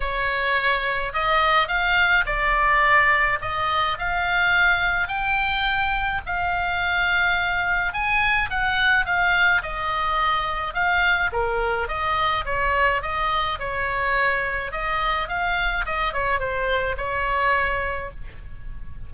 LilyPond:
\new Staff \with { instrumentName = "oboe" } { \time 4/4 \tempo 4 = 106 cis''2 dis''4 f''4 | d''2 dis''4 f''4~ | f''4 g''2 f''4~ | f''2 gis''4 fis''4 |
f''4 dis''2 f''4 | ais'4 dis''4 cis''4 dis''4 | cis''2 dis''4 f''4 | dis''8 cis''8 c''4 cis''2 | }